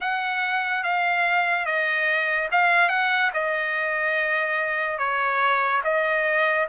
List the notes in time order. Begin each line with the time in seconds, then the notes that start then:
0.00 F#5
0.83 F5
1.65 D#5
2.51 F5
2.89 F#5
3.33 D#5
4.98 C#5
5.83 D#5